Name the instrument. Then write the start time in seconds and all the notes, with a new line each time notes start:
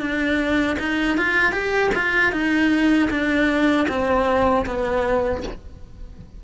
cello
0.00 D4
0.79 D#4
1.17 F4
1.52 G4
1.94 F4
2.32 D#4
3.10 D4
3.88 C4
4.66 B3